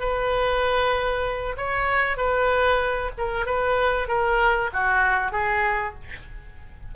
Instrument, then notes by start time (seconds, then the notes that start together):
oboe
0.00 B4
1.57 C#5
2.17 B4
3.18 A#4
3.46 B4
4.08 A#4
4.73 F#4
5.32 G#4